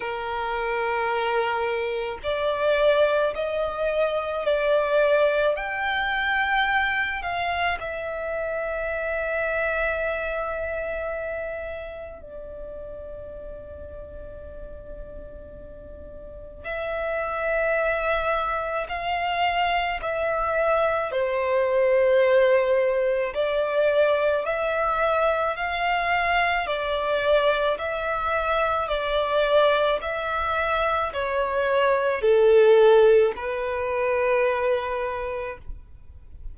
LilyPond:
\new Staff \with { instrumentName = "violin" } { \time 4/4 \tempo 4 = 54 ais'2 d''4 dis''4 | d''4 g''4. f''8 e''4~ | e''2. d''4~ | d''2. e''4~ |
e''4 f''4 e''4 c''4~ | c''4 d''4 e''4 f''4 | d''4 e''4 d''4 e''4 | cis''4 a'4 b'2 | }